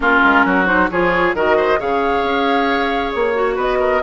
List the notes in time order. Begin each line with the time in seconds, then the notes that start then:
0.00 A#3 C#4 F4 A#4
0.24 G#3
0.45 F#3 F#4
0.66 D#4 C5
0.90 F3 F4 G#4 C#5
1.34 D#3 F#4 A#4 D#5
1.57 C5
1.78 C#3 G#4 C#5 F5
2.23 C#4
3.11 A#3 C#5
3.34 F#4
3.55 B3 B4 D#5
3.79 A#4